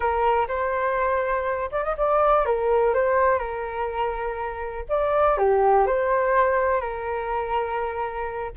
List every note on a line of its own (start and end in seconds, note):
0.00 0.47 A#4
0.48 1.70 C5
1.71 1.83 D5
1.83 1.95 D#5
1.97 2.45 D5
2.45 2.94 A#4
2.94 3.38 C5
3.38 4.84 A#4
4.88 5.37 D5
5.37 5.86 G4
5.86 6.80 C5
6.80 8.51 A#4